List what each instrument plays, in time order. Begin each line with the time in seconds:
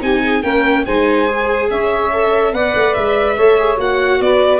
0.00 tuba C4, viola D#4, saxophone G4, violin G#5
0.22 saxophone G#4
0.42 tuba A#3, viola C#4, saxophone A#4, violin G5
0.85 tuba G#3, viola D#4, saxophone C5, violin G#5
1.27 viola G#4
1.70 tuba C#4, saxophone C#5, violin E5
2.13 viola A4
2.52 tuba B3, viola B4, saxophone D5, violin F#5
2.75 tuba A3
2.93 tuba G#3, violin E5
3.35 tuba A3, viola A4, saxophone C#5
3.58 viola G#4
3.77 tuba A#3, viola F#4, violin F#5
4.20 tuba B3, saxophone B4, violin D5